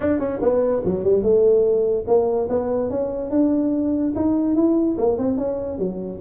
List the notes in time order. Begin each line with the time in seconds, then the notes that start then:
0.00 D4
0.19 C#4
0.41 B3
0.84 F#3
1.03 G3
1.22 A3
2.07 A#3
2.49 B3
2.89 C#4
3.30 D4
4.15 D#4
4.55 E4
4.98 A#3
5.18 C4
5.37 C#4
5.78 F#3